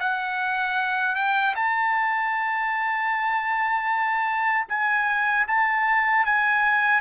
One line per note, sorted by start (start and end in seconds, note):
0.00 1.15 F#5
1.15 1.54 G5
1.55 4.67 A5
4.69 5.47 G#5
5.48 6.25 A5
6.25 7.01 G#5